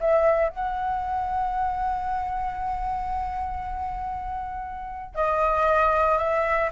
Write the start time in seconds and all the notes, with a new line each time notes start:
0.00 E5
0.49 F#5
5.15 D#5
6.18 E5